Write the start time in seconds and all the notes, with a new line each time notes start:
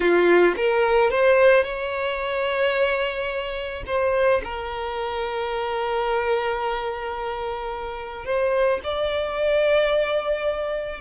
0.00 F4
0.57 A#4
1.10 C5
1.63 C#5
3.86 C5
4.43 A#4
8.25 C5
8.83 D5